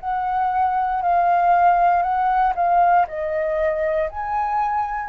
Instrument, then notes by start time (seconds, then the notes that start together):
flute
0.00 F#5
1.02 F5
2.02 F#5
2.55 F5
3.07 D#5
4.09 G#5